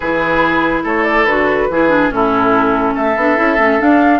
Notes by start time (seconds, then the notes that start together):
0.00 E3 E4 G#4 B4
0.83 A3 A4 C#5
1.03 D5
1.25 D3 F#4 B4
1.69 E3 E4 G#4
1.88 D4
2.10 A2 C#4 E4 A4
2.94 A3 A4 E5
3.15 B3 D4
3.36 C#4 E4
3.57 A3 C#4
3.79 D4 F5